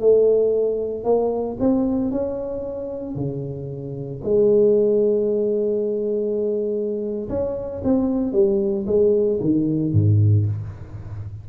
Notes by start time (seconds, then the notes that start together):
0.00 A3
1.04 A#3
1.60 C4
2.11 C#4
3.15 C#3
4.24 G#3
7.29 C#4
7.84 C4
8.32 G3
8.86 G#3
9.40 D#3
9.93 G#2